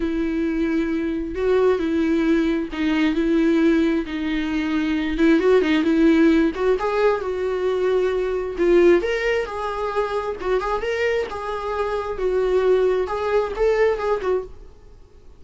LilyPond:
\new Staff \with { instrumentName = "viola" } { \time 4/4 \tempo 4 = 133 e'2. fis'4 | e'2 dis'4 e'4~ | e'4 dis'2~ dis'8 e'8 | fis'8 dis'8 e'4. fis'8 gis'4 |
fis'2. f'4 | ais'4 gis'2 fis'8 gis'8 | ais'4 gis'2 fis'4~ | fis'4 gis'4 a'4 gis'8 fis'8 | }